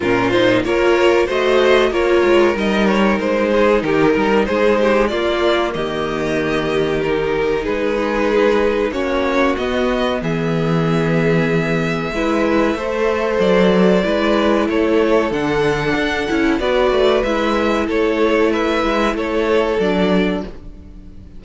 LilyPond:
<<
  \new Staff \with { instrumentName = "violin" } { \time 4/4 \tempo 4 = 94 ais'8 c''8 cis''4 dis''4 cis''4 | dis''8 cis''8 c''4 ais'4 c''4 | d''4 dis''2 ais'4 | b'2 cis''4 dis''4 |
e''1~ | e''4 d''2 cis''4 | fis''2 d''4 e''4 | cis''4 e''4 cis''4 d''4 | }
  \new Staff \with { instrumentName = "violin" } { \time 4/4 f'4 ais'4 c''4 ais'4~ | ais'4. gis'8 g'8 ais'8 gis'8 g'8 | f'4 g'2. | gis'2 fis'2 |
gis'2. b'4 | c''2 b'4 a'4~ | a'2 b'2 | a'4 b'4 a'2 | }
  \new Staff \with { instrumentName = "viola" } { \time 4/4 cis'8 dis'8 f'4 fis'4 f'4 | dis'1 | ais2. dis'4~ | dis'2 cis'4 b4~ |
b2. e'4 | a'2 e'2 | d'4. e'8 fis'4 e'4~ | e'2. d'4 | }
  \new Staff \with { instrumentName = "cello" } { \time 4/4 ais,4 ais4 a4 ais8 gis8 | g4 gis4 dis8 g8 gis4 | ais4 dis2. | gis2 ais4 b4 |
e2. gis4 | a4 fis4 gis4 a4 | d4 d'8 cis'8 b8 a8 gis4 | a4. gis8 a4 fis4 | }
>>